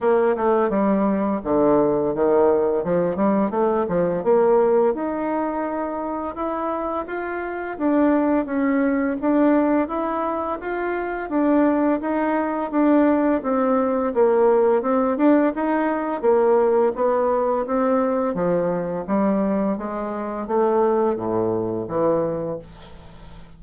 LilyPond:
\new Staff \with { instrumentName = "bassoon" } { \time 4/4 \tempo 4 = 85 ais8 a8 g4 d4 dis4 | f8 g8 a8 f8 ais4 dis'4~ | dis'4 e'4 f'4 d'4 | cis'4 d'4 e'4 f'4 |
d'4 dis'4 d'4 c'4 | ais4 c'8 d'8 dis'4 ais4 | b4 c'4 f4 g4 | gis4 a4 a,4 e4 | }